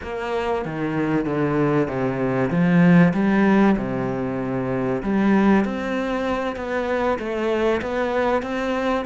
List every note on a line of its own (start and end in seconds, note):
0.02 0.65 A#3
0.65 1.25 D#3
1.25 1.87 D3
1.87 2.50 C3
2.50 3.12 F3
3.13 3.76 G3
3.77 5.02 C3
5.02 5.64 G3
5.64 6.56 C4
6.56 7.18 B3
7.18 7.81 A3
7.81 8.42 B3
8.42 9.05 C4